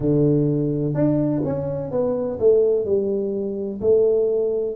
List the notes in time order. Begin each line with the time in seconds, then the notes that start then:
0.00 D3
0.94 D4
1.44 C#4
1.91 B3
2.39 A3
2.85 G3
3.81 A3